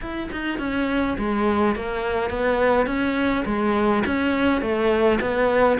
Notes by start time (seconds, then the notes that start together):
0.01 E4
0.31 D#4
0.58 C#4
1.17 G#3
1.75 A#3
2.30 B3
2.86 C#4
3.45 G#3
4.06 C#4
4.61 A3
5.20 B3